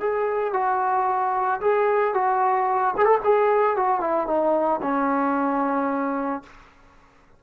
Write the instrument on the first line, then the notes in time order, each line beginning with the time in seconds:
trombone
0.00 G#4
0.54 F#4
1.61 G#4
2.14 F#4
2.97 G#4
3.05 A4
3.24 G#4
3.76 F#4
4.01 E4
4.27 D#4
4.82 C#4